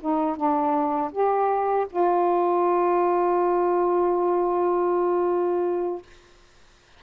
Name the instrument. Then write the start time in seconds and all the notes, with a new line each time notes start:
saxophone
0.00 D#4
0.36 D4
1.11 G4
1.89 F4